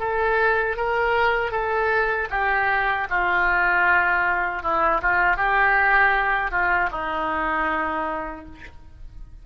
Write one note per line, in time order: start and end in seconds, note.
0.00 0.77 A4
0.77 1.52 A#4
1.52 2.29 A4
2.31 3.08 G4
3.10 4.63 F4
4.63 5.01 E4
5.02 5.37 F4
5.37 6.51 G4
6.51 6.90 F4
6.92 8.46 D#4